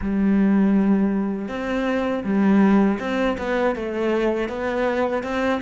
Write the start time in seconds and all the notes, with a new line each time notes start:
0.01 G3
1.48 C4
2.24 G3
2.99 C4
3.38 B3
3.75 A3
4.48 B3
5.23 C4